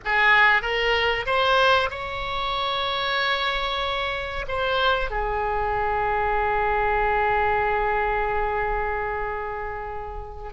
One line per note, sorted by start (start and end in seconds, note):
0.04 0.62 G#4
0.62 1.25 A#4
1.26 1.89 C5
1.90 4.45 C#5
4.48 5.10 C5
5.10 10.52 G#4